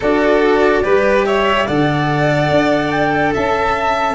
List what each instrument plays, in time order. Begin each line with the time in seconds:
0.00 tuba D4, cello F#4, violin A4, flute D5
0.83 tuba G3, cello G4, violin B4
1.25 violin C#5, flute E5
1.66 tuba D3, cello A4, violin D5, flute F#5
2.50 tuba D4
2.90 flute G5
3.34 tuba C#4, violin E5, flute A5